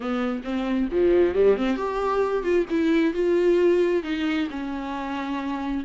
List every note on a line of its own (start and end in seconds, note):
0.00 0.42 B3
0.44 0.88 C4
0.91 1.34 F3
1.34 1.56 G3
1.56 1.76 C4
1.76 2.43 G4
2.43 2.65 F4
2.70 3.13 E4
3.13 4.03 F4
4.03 4.48 D#4
4.50 5.84 C#4